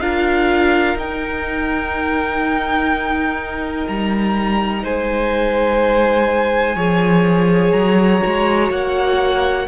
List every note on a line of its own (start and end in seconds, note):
0.00 0.95 D4
0.00 0.98 F4
0.00 4.83 A#4
0.00 0.97 F5
0.95 3.85 D#4
0.95 6.76 D#4
0.95 3.88 G5
3.88 4.84 G3
3.88 4.84 A#5
4.83 6.76 G#3
4.83 6.76 C5
4.83 7.72 G#5
6.76 7.73 F3
6.76 8.21 G#4
6.76 9.66 C#5
7.72 8.22 F#3
7.72 8.69 A#5
8.21 8.70 G#3
8.21 9.67 F#4
8.70 9.67 A#3
8.70 9.68 F#5